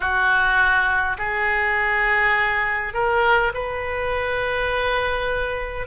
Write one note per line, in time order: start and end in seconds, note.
0.00 1.17 F#4
1.18 2.93 G#4
2.93 3.52 A#4
3.53 5.87 B4